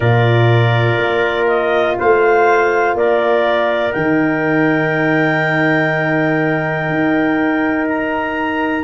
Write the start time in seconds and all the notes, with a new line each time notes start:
0.00 A#2 F4 A#4 D5
0.98 A#3
1.47 D#5
1.99 A3 C5 F5
2.94 A#3 A#4 D5
3.92 D#3 D#4 G5
6.89 D#4
7.88 A#5